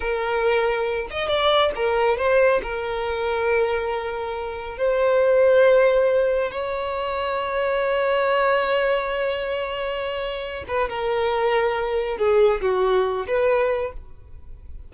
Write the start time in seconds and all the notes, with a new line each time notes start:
0.00 A#4
1.10 D#5
1.28 D5
1.75 A#4
2.17 C5
2.62 A#4
4.77 C5
6.51 C#5
10.67 B4
10.89 A#4
12.17 G#4
12.61 F#4
13.27 B4